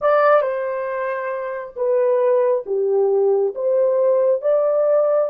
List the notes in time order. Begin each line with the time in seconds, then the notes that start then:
0.01 D5
0.41 C5
1.76 B4
2.66 G4
3.55 C5
4.41 D5